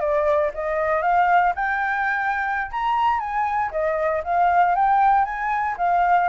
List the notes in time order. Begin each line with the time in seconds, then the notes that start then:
0.00 D5
0.54 D#5
1.02 F5
1.55 G5
2.71 A#5
3.20 G#5
3.72 D#5
4.24 F5
4.76 G5
5.25 G#5
5.78 F5